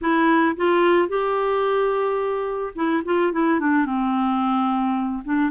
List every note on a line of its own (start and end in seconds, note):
0.01 0.56 E4
0.56 1.08 F4
1.08 2.73 G4
2.75 3.02 E4
3.04 3.32 F4
3.32 3.60 E4
3.60 3.85 D4
3.85 5.23 C4
5.24 5.50 D4